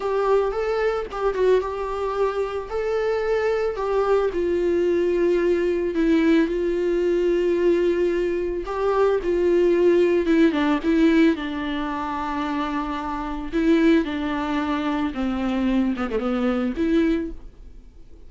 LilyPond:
\new Staff \with { instrumentName = "viola" } { \time 4/4 \tempo 4 = 111 g'4 a'4 g'8 fis'8 g'4~ | g'4 a'2 g'4 | f'2. e'4 | f'1 |
g'4 f'2 e'8 d'8 | e'4 d'2.~ | d'4 e'4 d'2 | c'4. b16 a16 b4 e'4 | }